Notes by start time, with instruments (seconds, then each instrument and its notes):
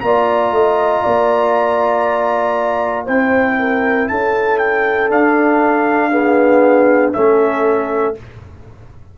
0.00 tuba A#3, trombone F4, horn D5, trumpet A#5
0.51 tuba A3, horn D#5
1.03 tuba A#3, horn D5
3.05 tuba C4, trombone E4, horn C5, trumpet G5
3.59 horn A#4
4.07 tuba C#4, horn A4, trumpet A5
4.58 trumpet G5
5.09 trombone D4, tuba D4, trumpet F5
6.10 trombone B3, horn G#4
7.12 tuba A3, trombone C#4, horn A4, trumpet E5